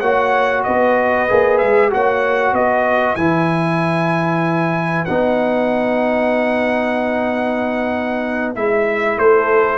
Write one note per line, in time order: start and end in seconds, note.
0.00 0.65 A#3
0.00 1.29 F#4
0.00 0.63 C#5
0.00 0.63 F#5
0.64 1.31 B3
0.64 1.93 B4
0.64 1.58 D#5
1.29 1.62 A#3
1.29 1.90 G#4
1.58 1.94 G#3
1.58 1.89 E5
1.90 2.53 A#3
1.90 3.17 F#4
1.90 2.54 C#5
1.90 2.55 F#5
2.53 3.16 B3
2.53 9.17 B4
2.53 3.16 D#5
3.16 5.06 E3
3.16 5.07 E4
3.16 5.05 G#5
5.05 8.56 B3
5.05 8.56 D#4
5.05 8.53 F#5
8.56 9.18 G#3
8.56 9.78 E4
8.56 9.19 E5
9.18 9.78 A3
9.18 9.78 A4
9.18 9.78 C5